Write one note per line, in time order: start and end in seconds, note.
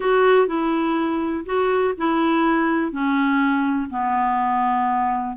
0.00 0.47 F#4
0.47 1.44 E4
1.45 1.94 F#4
1.97 2.92 E4
2.92 3.89 C#4
3.90 5.36 B3